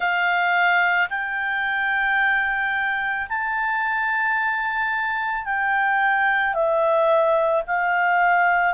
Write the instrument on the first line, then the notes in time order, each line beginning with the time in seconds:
clarinet
0.00 F5
1.09 G5
3.28 A5
5.45 G5
6.54 E5
7.67 F5